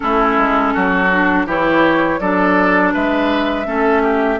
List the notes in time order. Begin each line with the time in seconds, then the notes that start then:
0.00 A3 C#4 E4 A4
0.37 G#3
0.74 F#3 F#4
1.11 D4
1.46 E3 E4 G4 C#5
2.20 F#3 D4 A4 D5
2.93 G#3 B4 E5
3.65 A3 C#4 A4
4.02 G4